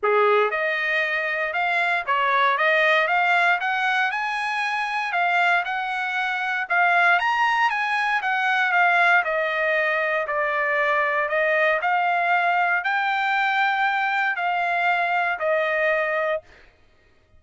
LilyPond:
\new Staff \with { instrumentName = "trumpet" } { \time 4/4 \tempo 4 = 117 gis'4 dis''2 f''4 | cis''4 dis''4 f''4 fis''4 | gis''2 f''4 fis''4~ | fis''4 f''4 ais''4 gis''4 |
fis''4 f''4 dis''2 | d''2 dis''4 f''4~ | f''4 g''2. | f''2 dis''2 | }